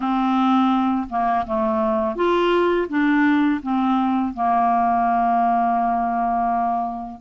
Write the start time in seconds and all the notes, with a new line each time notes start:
0.00 C4
1.09 A#3
1.46 A3
2.15 F4
2.88 D4
3.62 C4
4.33 A#3